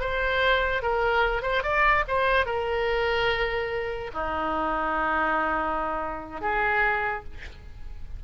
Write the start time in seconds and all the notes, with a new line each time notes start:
0.00 C5
0.82 A#4
1.42 C5
1.63 D5
2.08 C5
2.45 A#4
4.13 D#4
6.40 G#4